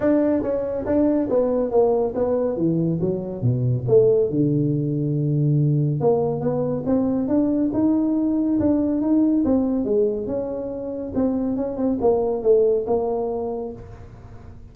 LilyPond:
\new Staff \with { instrumentName = "tuba" } { \time 4/4 \tempo 4 = 140 d'4 cis'4 d'4 b4 | ais4 b4 e4 fis4 | b,4 a4 d2~ | d2 ais4 b4 |
c'4 d'4 dis'2 | d'4 dis'4 c'4 gis4 | cis'2 c'4 cis'8 c'8 | ais4 a4 ais2 | }